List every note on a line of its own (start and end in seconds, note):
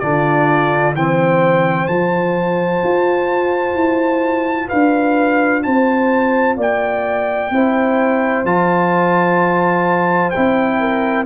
0.00 0.94 D3
0.00 0.96 D4
0.00 0.97 F4
0.00 0.94 D5
0.94 1.88 E3
0.94 1.89 C4
0.94 4.68 C5
0.94 1.88 G5
1.88 2.82 F3
1.88 7.52 F4
1.88 4.69 A5
2.83 3.75 F4
3.75 4.68 E4
4.68 5.66 D4
4.68 5.62 B4
4.68 5.63 F5
5.63 6.57 C4
5.63 6.58 C5
5.63 6.57 A5
6.57 7.51 A#3
6.57 7.51 D5
6.57 8.46 G5
7.51 8.45 C4
7.51 8.46 E4
7.51 10.80 C5
8.45 10.32 F3
8.45 10.34 F4
8.45 10.31 A5
10.31 11.26 E4
10.31 11.25 G5
10.37 11.26 C4
10.80 11.26 A#4